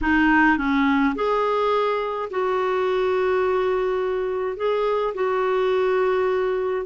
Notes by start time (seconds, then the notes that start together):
0.01 D#4
0.57 C#4
1.15 G#4
2.30 F#4
4.56 G#4
5.14 F#4